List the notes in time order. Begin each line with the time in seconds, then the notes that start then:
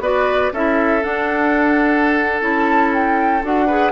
0.00 B3 F#4 B4 D5
0.53 C#4 E4 A4 E5
1.02 D4 F#5
2.41 C#4 E4 A5
2.93 G5
3.43 D4 F#4 F#5
3.66 G#4 B4